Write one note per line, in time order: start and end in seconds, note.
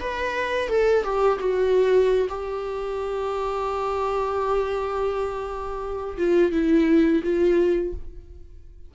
0.00 0.68 B4
0.68 1.04 A4
1.04 1.39 G4
1.40 2.28 F#4
2.29 6.18 G4
6.18 6.52 F4
6.52 7.23 E4
7.23 7.94 F4